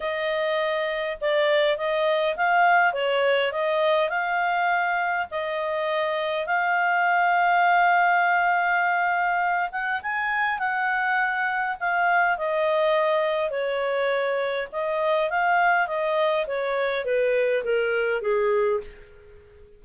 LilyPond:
\new Staff \with { instrumentName = "clarinet" } { \time 4/4 \tempo 4 = 102 dis''2 d''4 dis''4 | f''4 cis''4 dis''4 f''4~ | f''4 dis''2 f''4~ | f''1~ |
f''8 fis''8 gis''4 fis''2 | f''4 dis''2 cis''4~ | cis''4 dis''4 f''4 dis''4 | cis''4 b'4 ais'4 gis'4 | }